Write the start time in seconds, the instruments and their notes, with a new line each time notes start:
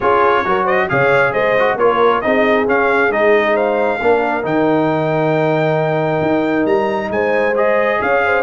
0.00 tuba C#4, trombone F4, horn G#4, trumpet C#5
0.45 tuba F#3, trombone F#4, horn A#4
0.63 horn C5, trumpet D#5
0.89 tuba C#3, trombone G#4, horn C#5, trumpet F5
1.32 tuba G#3, horn C5, trumpet D#5
1.58 trombone F#4
1.75 tuba A#3, trombone F4, horn A#4, trumpet C#5
2.21 tuba C4, trombone D#4, horn G#4, trumpet D#5
2.67 trombone C#4, tuba C#4, trumpet F5
3.09 tuba G#3, trombone D#4, trumpet D#5
3.54 horn C5, trumpet F5
3.99 tuba A#3, trombone D4, horn A#4
4.43 tuba D#3, trombone D#4, trumpet G5
6.21 tuba D#4
6.65 tuba G3, trumpet A#5
7.10 tuba G#3, horn C5, trumpet G#5
7.55 trombone G#4, trumpet D#5
7.99 tuba C#4, horn C#5, trumpet F5
8.24 horn C5